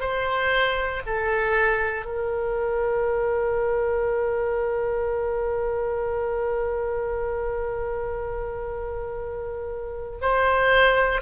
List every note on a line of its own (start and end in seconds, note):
0.00 1.02 C5
1.06 2.06 A4
2.06 10.19 A#4
10.22 11.21 C5